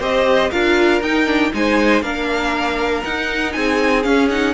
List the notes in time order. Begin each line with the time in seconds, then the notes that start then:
0.00 C4 G4 C5 D#5
0.51 D4 F4 A#4 F5
1.02 D#4 G5
1.26 D4
1.53 G#3 D#4 C5 G#5
2.02 A#3 D4 A#4 F5
3.04 D#4 F#5
3.53 C4 G#4 G#5
4.04 C#4 F5
4.30 D#4 F#5